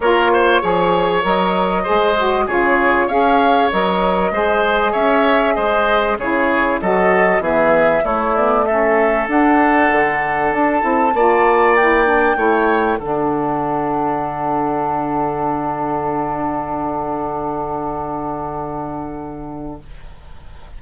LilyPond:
<<
  \new Staff \with { instrumentName = "flute" } { \time 4/4 \tempo 4 = 97 cis''2 dis''2 | cis''4 f''4 dis''2 | e''4 dis''4 cis''4 dis''4 | e''4 cis''8 d''8 e''4 fis''4~ |
fis''4 a''2 g''4~ | g''4 fis''2.~ | fis''1~ | fis''1 | }
  \new Staff \with { instrumentName = "oboe" } { \time 4/4 ais'8 c''8 cis''2 c''4 | gis'4 cis''2 c''4 | cis''4 c''4 gis'4 a'4 | gis'4 e'4 a'2~ |
a'2 d''2 | cis''4 a'2.~ | a'1~ | a'1 | }
  \new Staff \with { instrumentName = "saxophone" } { \time 4/4 f'4 gis'4 ais'4 gis'8 fis'8 | f'4 gis'4 ais'4 gis'4~ | gis'2 e'4 fis'4 | b4 a8 b8 cis'4 d'4~ |
d'4. e'8 f'4 e'8 d'8 | e'4 d'2.~ | d'1~ | d'1 | }
  \new Staff \with { instrumentName = "bassoon" } { \time 4/4 ais4 f4 fis4 gis4 | cis4 cis'4 fis4 gis4 | cis'4 gis4 cis4 fis4 | e4 a2 d'4 |
d4 d'8 c'8 ais2 | a4 d2.~ | d1~ | d1 | }
>>